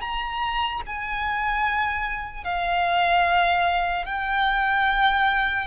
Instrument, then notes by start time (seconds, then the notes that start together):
violin
0.00 A#5
0.86 G#5
2.44 F5
4.05 G5